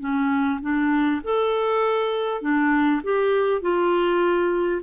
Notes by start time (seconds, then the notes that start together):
0.00 C#4
0.62 D4
1.24 A4
2.42 D4
3.04 G4
3.62 F4